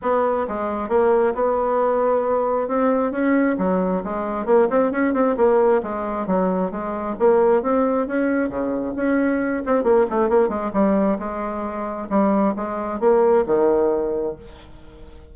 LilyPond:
\new Staff \with { instrumentName = "bassoon" } { \time 4/4 \tempo 4 = 134 b4 gis4 ais4 b4~ | b2 c'4 cis'4 | fis4 gis4 ais8 c'8 cis'8 c'8 | ais4 gis4 fis4 gis4 |
ais4 c'4 cis'4 cis4 | cis'4. c'8 ais8 a8 ais8 gis8 | g4 gis2 g4 | gis4 ais4 dis2 | }